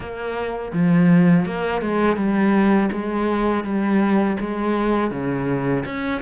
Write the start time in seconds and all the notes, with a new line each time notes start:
0.00 A#3
0.73 F3
1.45 A#3
1.81 G#3
2.16 G3
2.92 G#3
3.64 G3
4.39 G#3
5.11 C#3
5.85 C#4